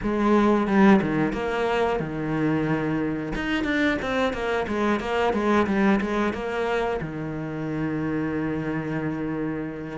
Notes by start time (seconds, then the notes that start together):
0.02 G#3
0.67 G3
1.02 D#3
1.32 A#3
1.99 D#3
3.35 D#4
3.64 D4
4.02 C4
4.33 A#3
4.67 G#3
5.00 A#3
5.33 G#3
5.66 G3
6.01 G#3
6.33 A#3
7.01 D#3